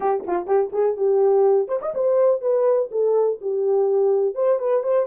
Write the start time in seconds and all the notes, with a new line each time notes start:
0.00 G4
0.26 F4
0.46 G4
0.72 G#4
0.97 G4
1.67 C5
1.81 D#5
1.94 C5
2.41 B4
2.91 A4
3.41 G4
4.34 C5
4.59 B4
4.83 C5